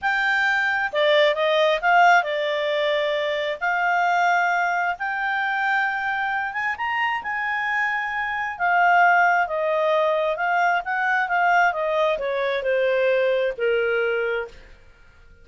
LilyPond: \new Staff \with { instrumentName = "clarinet" } { \time 4/4 \tempo 4 = 133 g''2 d''4 dis''4 | f''4 d''2. | f''2. g''4~ | g''2~ g''8 gis''8 ais''4 |
gis''2. f''4~ | f''4 dis''2 f''4 | fis''4 f''4 dis''4 cis''4 | c''2 ais'2 | }